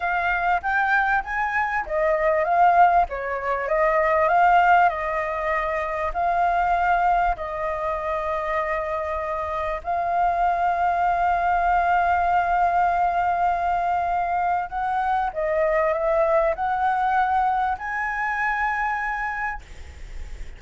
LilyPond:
\new Staff \with { instrumentName = "flute" } { \time 4/4 \tempo 4 = 98 f''4 g''4 gis''4 dis''4 | f''4 cis''4 dis''4 f''4 | dis''2 f''2 | dis''1 |
f''1~ | f''1 | fis''4 dis''4 e''4 fis''4~ | fis''4 gis''2. | }